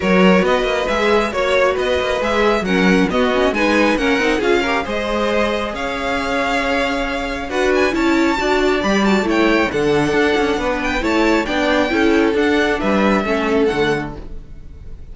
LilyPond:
<<
  \new Staff \with { instrumentName = "violin" } { \time 4/4 \tempo 4 = 136 cis''4 dis''4 e''4 cis''4 | dis''4 e''4 fis''4 dis''4 | gis''4 fis''4 f''4 dis''4~ | dis''4 f''2.~ |
f''4 fis''8 gis''8 a''2 | b''8 a''8 g''4 fis''2~ | fis''8 g''8 a''4 g''2 | fis''4 e''2 fis''4 | }
  \new Staff \with { instrumentName = "violin" } { \time 4/4 ais'4 b'2 cis''4 | b'2 ais'4 fis'4 | b'4 ais'4 gis'8 ais'8 c''4~ | c''4 cis''2.~ |
cis''4 b'4 cis''4 d''4~ | d''4 cis''4 a'2 | b'4 cis''4 d''4 a'4~ | a'4 b'4 a'2 | }
  \new Staff \with { instrumentName = "viola" } { \time 4/4 fis'2 gis'4 fis'4~ | fis'4 gis'4 cis'4 b8 cis'8 | dis'4 cis'8 dis'8 f'8 g'8 gis'4~ | gis'1~ |
gis'4 fis'4 e'4 fis'4 | g'8 fis'8 e'4 d'2~ | d'4 e'4 d'4 e'4 | d'2 cis'4 a4 | }
  \new Staff \with { instrumentName = "cello" } { \time 4/4 fis4 b8 ais8 gis4 ais4 | b8 ais8 gis4 fis4 b4 | gis4 ais8 c'8 cis'4 gis4~ | gis4 cis'2.~ |
cis'4 d'4 cis'4 d'4 | g4 a4 d4 d'8 cis'8 | b4 a4 b4 cis'4 | d'4 g4 a4 d4 | }
>>